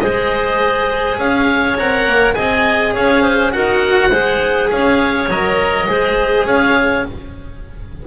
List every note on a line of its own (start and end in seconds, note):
0.00 1.19 G#3
0.00 1.78 G#4
0.00 1.19 C5
0.00 1.18 D#5
1.19 1.78 C#4
1.19 2.36 C#5
1.19 1.78 F5
1.78 2.07 C4
1.78 2.35 A#4
1.78 2.35 F#5
2.07 2.37 A#3
2.35 2.96 C4
2.35 3.53 G#4
2.35 2.94 D#5
2.35 2.93 G#5
2.94 3.55 C#4
2.94 3.22 C#5
2.94 3.53 F5
3.22 3.51 C5
3.53 4.12 D#4
3.53 4.11 F#4
3.53 4.09 A#4
3.53 4.70 F#5
4.09 4.71 G#3
4.09 5.30 G#4
4.09 4.68 C5
4.71 5.29 C#4
4.71 5.89 C#5
4.71 5.30 F5
5.29 5.87 F#3
5.29 5.88 A#4
5.29 6.47 D#5
5.88 6.45 G#3
5.88 7.06 G#4
5.88 6.48 C5
6.45 7.04 C#4
6.45 7.07 C#5
6.45 7.06 F5